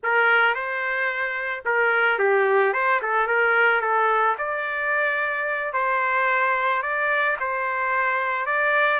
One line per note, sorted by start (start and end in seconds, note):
0.03 0.54 A#4
0.54 1.63 C5
1.65 2.18 A#4
2.18 2.73 G4
2.73 3.00 C5
3.01 3.27 A4
3.27 3.81 A#4
3.81 4.35 A4
4.38 5.73 D5
5.73 6.82 C5
6.82 7.36 D5
7.39 8.45 C5
8.45 9.00 D5